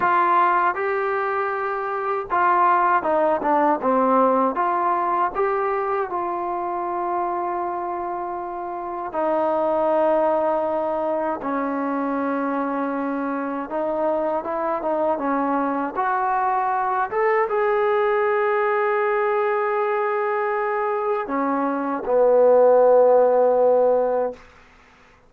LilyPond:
\new Staff \with { instrumentName = "trombone" } { \time 4/4 \tempo 4 = 79 f'4 g'2 f'4 | dis'8 d'8 c'4 f'4 g'4 | f'1 | dis'2. cis'4~ |
cis'2 dis'4 e'8 dis'8 | cis'4 fis'4. a'8 gis'4~ | gis'1 | cis'4 b2. | }